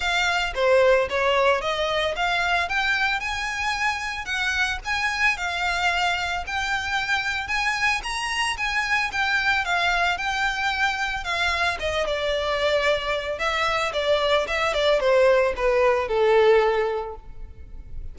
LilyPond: \new Staff \with { instrumentName = "violin" } { \time 4/4 \tempo 4 = 112 f''4 c''4 cis''4 dis''4 | f''4 g''4 gis''2 | fis''4 gis''4 f''2 | g''2 gis''4 ais''4 |
gis''4 g''4 f''4 g''4~ | g''4 f''4 dis''8 d''4.~ | d''4 e''4 d''4 e''8 d''8 | c''4 b'4 a'2 | }